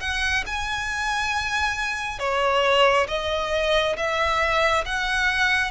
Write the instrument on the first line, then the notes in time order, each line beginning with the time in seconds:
violin
0.00 F#5
0.46 G#5
2.19 C#5
3.08 D#5
3.96 E5
4.85 F#5